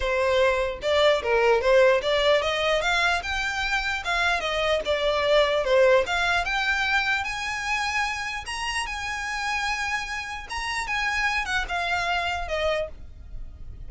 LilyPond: \new Staff \with { instrumentName = "violin" } { \time 4/4 \tempo 4 = 149 c''2 d''4 ais'4 | c''4 d''4 dis''4 f''4 | g''2 f''4 dis''4 | d''2 c''4 f''4 |
g''2 gis''2~ | gis''4 ais''4 gis''2~ | gis''2 ais''4 gis''4~ | gis''8 fis''8 f''2 dis''4 | }